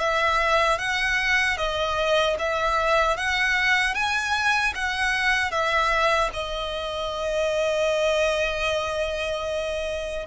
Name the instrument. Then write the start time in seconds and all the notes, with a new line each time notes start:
violin
0.00 E5
0.79 F#5
1.58 D#5
2.39 E5
3.17 F#5
3.94 G#5
4.75 F#5
5.52 E5
6.33 D#5